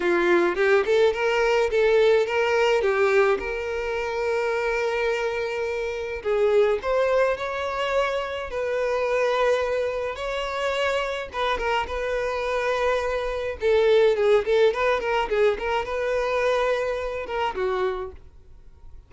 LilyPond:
\new Staff \with { instrumentName = "violin" } { \time 4/4 \tempo 4 = 106 f'4 g'8 a'8 ais'4 a'4 | ais'4 g'4 ais'2~ | ais'2. gis'4 | c''4 cis''2 b'4~ |
b'2 cis''2 | b'8 ais'8 b'2. | a'4 gis'8 a'8 b'8 ais'8 gis'8 ais'8 | b'2~ b'8 ais'8 fis'4 | }